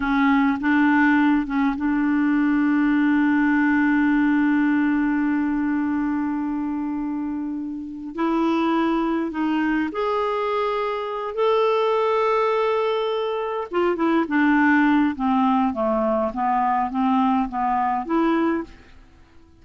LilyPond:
\new Staff \with { instrumentName = "clarinet" } { \time 4/4 \tempo 4 = 103 cis'4 d'4. cis'8 d'4~ | d'1~ | d'1~ | d'2 e'2 |
dis'4 gis'2~ gis'8 a'8~ | a'2.~ a'8 f'8 | e'8 d'4. c'4 a4 | b4 c'4 b4 e'4 | }